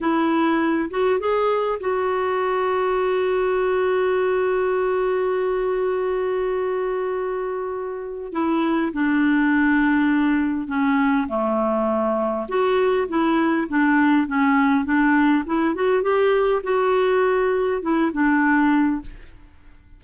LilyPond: \new Staff \with { instrumentName = "clarinet" } { \time 4/4 \tempo 4 = 101 e'4. fis'8 gis'4 fis'4~ | fis'1~ | fis'1~ | fis'2 e'4 d'4~ |
d'2 cis'4 a4~ | a4 fis'4 e'4 d'4 | cis'4 d'4 e'8 fis'8 g'4 | fis'2 e'8 d'4. | }